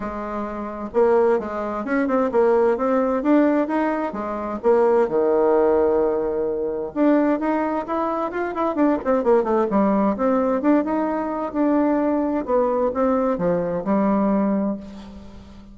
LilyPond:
\new Staff \with { instrumentName = "bassoon" } { \time 4/4 \tempo 4 = 130 gis2 ais4 gis4 | cis'8 c'8 ais4 c'4 d'4 | dis'4 gis4 ais4 dis4~ | dis2. d'4 |
dis'4 e'4 f'8 e'8 d'8 c'8 | ais8 a8 g4 c'4 d'8 dis'8~ | dis'4 d'2 b4 | c'4 f4 g2 | }